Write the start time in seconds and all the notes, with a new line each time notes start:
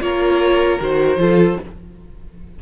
0.00 A#3 F4 A#4 C#5
0.80 D#3 F#4 C5
1.16 F3 F4 A4